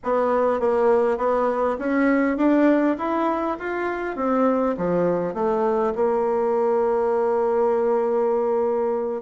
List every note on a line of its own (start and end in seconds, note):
0.03 0.60 B3
0.60 1.17 A#3
1.17 1.77 B3
1.78 2.37 C#4
2.37 2.96 D4
2.97 3.57 E4
3.59 4.16 F4
4.16 4.75 C4
4.77 5.34 F3
5.34 5.93 A3
5.95 9.21 A#3